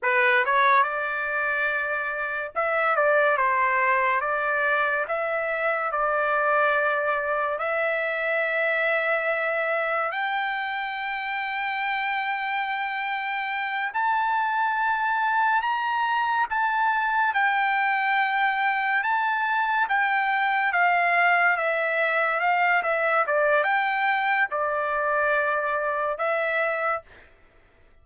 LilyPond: \new Staff \with { instrumentName = "trumpet" } { \time 4/4 \tempo 4 = 71 b'8 cis''8 d''2 e''8 d''8 | c''4 d''4 e''4 d''4~ | d''4 e''2. | g''1~ |
g''8 a''2 ais''4 a''8~ | a''8 g''2 a''4 g''8~ | g''8 f''4 e''4 f''8 e''8 d''8 | g''4 d''2 e''4 | }